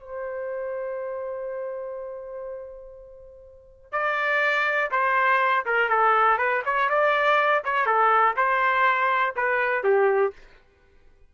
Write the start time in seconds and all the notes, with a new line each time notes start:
0.00 C5
3.92 D5
4.92 C5
5.66 A#4
5.90 A4
6.38 B4
6.66 C#5
6.90 D5
7.65 C#5
7.87 A4
8.37 C5
9.36 B4
9.84 G4